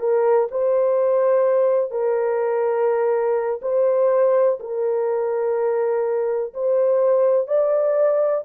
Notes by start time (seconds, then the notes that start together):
0.00 A#4
0.51 C5
1.91 A#4
3.62 C5
4.60 A#4
6.54 C5
7.47 D5